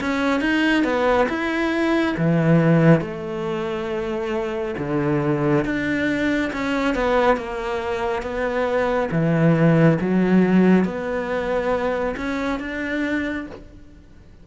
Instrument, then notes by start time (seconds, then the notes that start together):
cello
0.00 C#4
0.40 D#4
0.84 B3
1.28 E4
2.17 E3
3.01 A3
4.77 D3
5.64 D4
6.53 C#4
6.94 B3
7.36 A#3
8.22 B3
9.11 E3
10.01 F#3
10.84 B3
12.17 C#4
12.59 D4